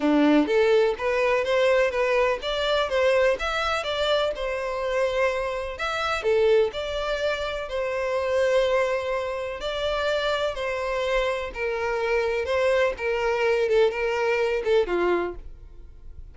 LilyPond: \new Staff \with { instrumentName = "violin" } { \time 4/4 \tempo 4 = 125 d'4 a'4 b'4 c''4 | b'4 d''4 c''4 e''4 | d''4 c''2. | e''4 a'4 d''2 |
c''1 | d''2 c''2 | ais'2 c''4 ais'4~ | ais'8 a'8 ais'4. a'8 f'4 | }